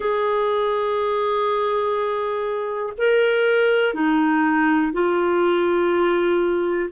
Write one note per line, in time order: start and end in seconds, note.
0.00 2.93 G#4
2.97 3.93 A#4
3.93 4.92 D#4
4.92 6.89 F4